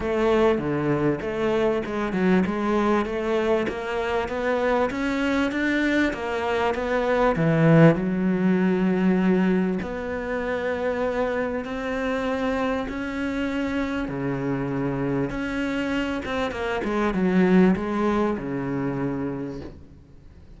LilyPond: \new Staff \with { instrumentName = "cello" } { \time 4/4 \tempo 4 = 98 a4 d4 a4 gis8 fis8 | gis4 a4 ais4 b4 | cis'4 d'4 ais4 b4 | e4 fis2. |
b2. c'4~ | c'4 cis'2 cis4~ | cis4 cis'4. c'8 ais8 gis8 | fis4 gis4 cis2 | }